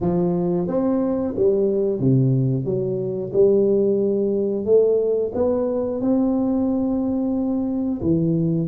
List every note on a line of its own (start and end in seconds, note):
0.01 0.67 F3
0.67 1.34 C4
1.36 1.99 G3
1.99 2.65 C3
2.65 3.31 F#3
3.32 4.65 G3
4.65 5.32 A3
5.34 6.01 B3
6.01 8.01 C4
8.02 8.68 E3